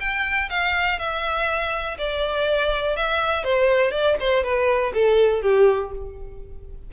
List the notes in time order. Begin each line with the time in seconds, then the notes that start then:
0.00 G5
0.50 F5
0.99 E5
1.98 D5
2.96 E5
3.44 C5
3.91 D5
4.20 C5
4.44 B4
4.94 A4
5.42 G4